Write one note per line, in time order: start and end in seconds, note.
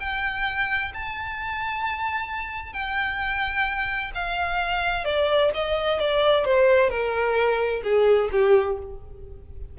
0.00 0.92 G5
0.94 2.73 A5
2.73 4.11 G5
4.15 5.05 F5
5.05 5.51 D5
5.54 5.99 D#5
5.99 6.45 D5
6.45 6.90 C5
6.90 7.82 A#4
7.83 8.30 G#4
8.32 8.78 G4